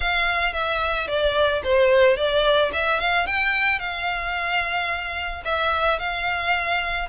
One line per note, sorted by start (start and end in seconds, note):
0.00 0.53 F5
0.53 1.07 E5
1.07 1.62 D5
1.63 2.17 C5
2.17 2.71 D5
2.72 3.00 E5
3.00 3.26 F5
3.26 3.79 G5
3.79 5.43 F5
5.44 5.99 E5
5.99 7.08 F5